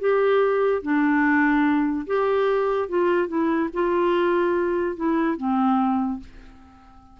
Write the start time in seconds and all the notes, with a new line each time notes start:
0.00 G4
0.82 D4
2.07 G4
2.89 F4
3.28 E4
3.74 F4
4.97 E4
5.37 C4